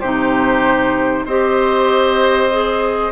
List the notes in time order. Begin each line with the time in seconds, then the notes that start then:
0.00 C3 D#4 G4 C5
1.25 C4 G4 C5 D#5
2.52 G#4